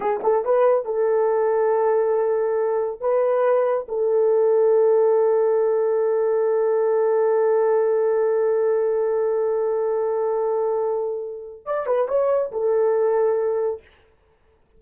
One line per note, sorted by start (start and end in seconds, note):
0.00 0.20 G#4
0.23 0.44 A4
0.44 0.85 B4
0.85 3.00 A4
3.00 3.86 B4
3.88 11.65 A4
11.65 11.86 D5
11.86 12.07 B4
12.08 12.51 C#5
12.51 13.81 A4